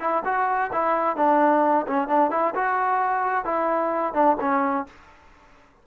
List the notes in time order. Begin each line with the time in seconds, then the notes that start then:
0.00 E4
0.25 F#4
0.72 E4
1.16 D4
1.87 C#4
2.08 D4
2.31 E4
2.55 F#4
3.45 E4
4.13 D4
4.40 C#4